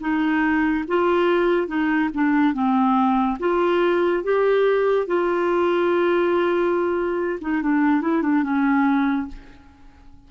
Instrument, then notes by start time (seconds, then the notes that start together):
clarinet
0.00 D#4
0.88 F4
1.67 D#4
2.14 D4
2.53 C4
3.39 F4
4.23 G4
5.07 F4
7.41 D#4
7.62 D4
8.01 E4
8.22 D4
8.43 C#4